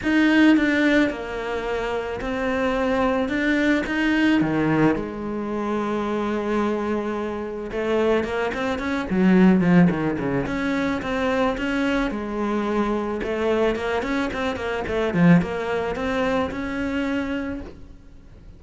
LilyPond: \new Staff \with { instrumentName = "cello" } { \time 4/4 \tempo 4 = 109 dis'4 d'4 ais2 | c'2 d'4 dis'4 | dis4 gis2.~ | gis2 a4 ais8 c'8 |
cis'8 fis4 f8 dis8 cis8 cis'4 | c'4 cis'4 gis2 | a4 ais8 cis'8 c'8 ais8 a8 f8 | ais4 c'4 cis'2 | }